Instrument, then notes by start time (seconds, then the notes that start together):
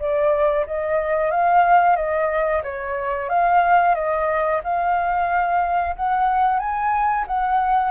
flute
0.00 D5
0.67 D#5
1.31 F5
1.96 D#5
2.64 C#5
3.30 F5
3.95 D#5
4.64 F5
5.96 F#5
6.60 G#5
7.28 F#5